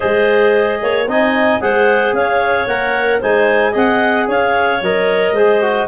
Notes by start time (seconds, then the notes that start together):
0.00 G#3 G#4 C5 D#5
0.82 A#3 C#5
1.07 C4 D#4 D#5 G#5
1.60 G#3 G#4 C5 F#5
2.12 C#4 C#5 F5
2.67 A#3 A#4 F#5
3.20 G#3 D#4 C5 G#5
3.71 C4 G#4 D#5 F#5
4.28 C#4 C#5 F5
4.81 F#3 A#4 D#5
5.32 G#3 G#4 C5
5.61 F#4